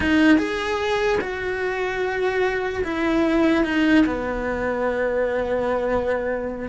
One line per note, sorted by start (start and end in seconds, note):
0.00 0.38 D#4
0.38 1.19 G#4
1.21 2.83 F#4
2.84 3.64 E4
3.64 4.05 D#4
4.05 6.68 B3